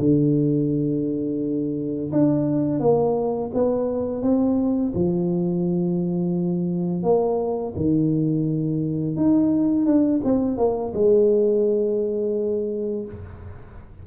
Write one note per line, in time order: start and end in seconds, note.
0.00 2.12 D3
2.13 2.80 D4
2.80 3.51 A#3
3.54 4.22 B3
4.22 4.93 C4
4.95 7.04 F3
7.04 7.74 A#3
7.76 9.17 D#3
9.17 9.86 D#4
9.86 10.22 D4
10.24 10.58 C4
10.58 10.93 A#3
10.94 13.06 G#3